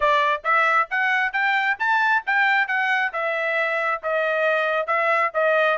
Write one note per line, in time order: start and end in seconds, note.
0.00 0.42 D5
0.44 0.88 E5
0.90 1.32 F#5
1.32 1.77 G5
1.79 2.23 A5
2.26 2.67 G5
2.67 3.12 F#5
3.13 4.01 E5
4.02 4.86 D#5
4.86 5.31 E5
5.34 5.78 D#5